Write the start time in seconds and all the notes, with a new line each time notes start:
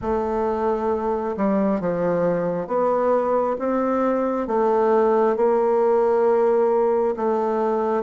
0.01 A3
1.37 G3
1.80 F3
2.67 B3
3.58 C4
4.47 A3
5.36 A#3
7.16 A3